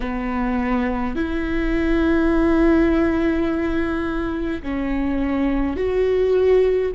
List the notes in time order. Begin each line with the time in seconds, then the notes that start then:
0.00 B3
1.15 E4
4.62 C#4
5.76 F#4